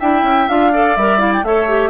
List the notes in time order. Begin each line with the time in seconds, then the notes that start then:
0.00 D4 E4 E5 G5
0.23 C#4
0.49 D4 F4 F5
0.73 A4 D5
0.97 G3 A#4 E5
1.19 E4 F5
1.33 G5
1.43 A3 A4 C#5 E5
1.68 G4